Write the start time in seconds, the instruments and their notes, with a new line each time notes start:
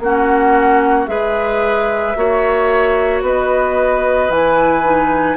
0.00 bassoon A#3, clarinet C#4, oboe F#4, flute F#5
1.07 bassoon G#3, clarinet G#4, oboe B4, flute E5
2.15 bassoon A#3, clarinet F#4, oboe C#5
3.22 bassoon B3, oboe B4, flute D#5
4.29 bassoon E3, clarinet E4, flute G#5
4.84 clarinet D#4